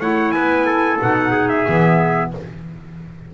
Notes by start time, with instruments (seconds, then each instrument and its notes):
0.00 double bass A3, clarinet E4, trumpet C#5 F#5
0.31 double bass B3, trumpet B4 G#5
0.66 trumpet A4
1.00 double bass B2, clarinet D#4, trumpet F#5
1.31 trumpet G#4
1.48 trumpet E5
1.66 double bass E3, clarinet B3